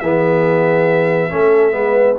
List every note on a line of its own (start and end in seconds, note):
0.00 1.32 E3
0.00 1.30 B3
0.00 1.32 G#4
0.00 2.17 E5
1.30 1.74 A3
1.30 1.72 C#4
1.30 1.76 A4
1.72 2.17 G#3
1.72 2.15 B3
1.72 2.19 B4